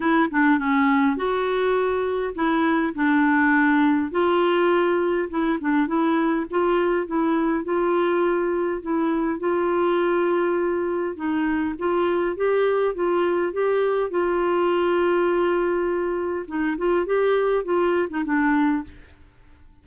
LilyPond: \new Staff \with { instrumentName = "clarinet" } { \time 4/4 \tempo 4 = 102 e'8 d'8 cis'4 fis'2 | e'4 d'2 f'4~ | f'4 e'8 d'8 e'4 f'4 | e'4 f'2 e'4 |
f'2. dis'4 | f'4 g'4 f'4 g'4 | f'1 | dis'8 f'8 g'4 f'8. dis'16 d'4 | }